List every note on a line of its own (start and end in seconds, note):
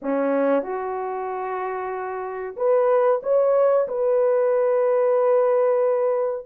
0.02 0.62 C#4
0.62 2.55 F#4
2.56 3.21 B4
3.23 3.87 C#5
3.87 6.45 B4